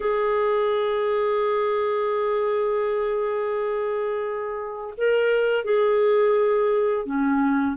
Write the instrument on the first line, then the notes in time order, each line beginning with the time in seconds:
clarinet
0.00 G#4
4.97 A#4
5.64 G#4
7.05 C#4